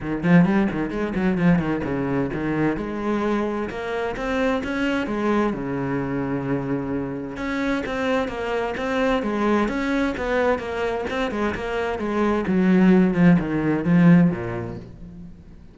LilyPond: \new Staff \with { instrumentName = "cello" } { \time 4/4 \tempo 4 = 130 dis8 f8 g8 dis8 gis8 fis8 f8 dis8 | cis4 dis4 gis2 | ais4 c'4 cis'4 gis4 | cis1 |
cis'4 c'4 ais4 c'4 | gis4 cis'4 b4 ais4 | c'8 gis8 ais4 gis4 fis4~ | fis8 f8 dis4 f4 ais,4 | }